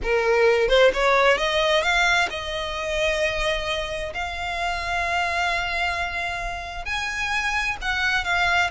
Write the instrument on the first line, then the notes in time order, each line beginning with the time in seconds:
violin
0.02 A#4
0.68 C5
0.93 C#5
1.37 D#5
1.82 F5
2.30 D#5
4.14 F5
6.85 G#5
7.81 F#5
8.24 F5